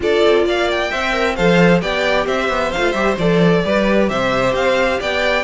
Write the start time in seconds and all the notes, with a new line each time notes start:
0.00 D4 F4 A4 D5
0.25 C4
0.44 A#3 D5 F5
0.71 G5
0.90 C4 C5 E5
1.12 A#4
1.35 F3 A4 C5 F5
1.81 B3 G4 D5 G5
2.25 C4 C5 E5
2.48 B3
2.72 A3 F4 F5
2.92 G3 G4 E5
3.18 F3 A4 D5
3.64 G3 G4 B4
4.09 C3 C5 E5
4.53 C4 F5
4.99 B3 D5 G5